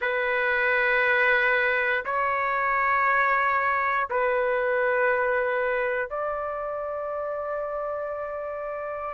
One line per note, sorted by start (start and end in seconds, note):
0.01 2.04 B4
2.05 4.08 C#5
4.10 6.09 B4
6.09 9.14 D5